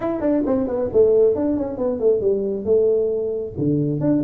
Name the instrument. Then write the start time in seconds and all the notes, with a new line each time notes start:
tuba
0.00 E4
0.20 D4
0.45 C4
0.67 B3
0.93 A3
1.35 D4
1.56 C#4
1.77 B3
1.99 A3
2.20 G3
2.64 A3
3.58 D3
4.00 D4